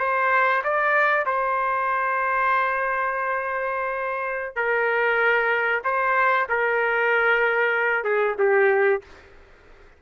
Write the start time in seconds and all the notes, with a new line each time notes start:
0.00 C5
0.64 D5
1.26 C5
4.56 A#4
5.85 C5
6.50 A#4
8.05 G#4
8.39 G4